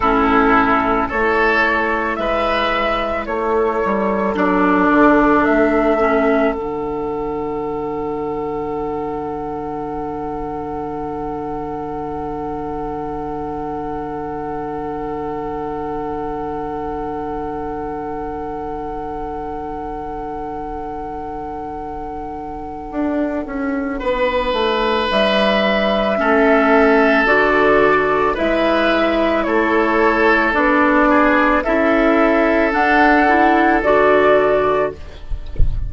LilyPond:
<<
  \new Staff \with { instrumentName = "flute" } { \time 4/4 \tempo 4 = 55 a'4 cis''4 e''4 cis''4 | d''4 e''4 fis''2~ | fis''1~ | fis''1~ |
fis''1~ | fis''2. e''4~ | e''4 d''4 e''4 cis''4 | d''4 e''4 fis''4 d''4 | }
  \new Staff \with { instrumentName = "oboe" } { \time 4/4 e'4 a'4 b'4 a'4~ | a'1~ | a'1~ | a'1~ |
a'1~ | a'2 b'2 | a'2 b'4 a'4~ | a'8 gis'8 a'2. | }
  \new Staff \with { instrumentName = "clarinet" } { \time 4/4 cis'4 e'2. | d'4. cis'8 d'2~ | d'1~ | d'1~ |
d'1~ | d'1 | cis'4 fis'4 e'2 | d'4 e'4 d'8 e'8 fis'4 | }
  \new Staff \with { instrumentName = "bassoon" } { \time 4/4 a,4 a4 gis4 a8 g8 | fis8 d8 a4 d2~ | d1~ | d1~ |
d1~ | d4 d'8 cis'8 b8 a8 g4 | a4 d4 gis4 a4 | b4 cis'4 d'4 d4 | }
>>